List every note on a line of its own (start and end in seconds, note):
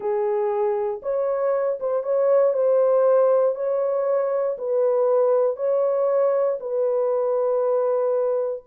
0.00 1.01 G#4
1.02 1.78 C#5
1.80 2.03 C5
2.03 2.53 C#5
2.53 3.55 C5
3.55 4.56 C#5
4.58 5.56 B4
5.56 6.58 C#5
6.59 8.63 B4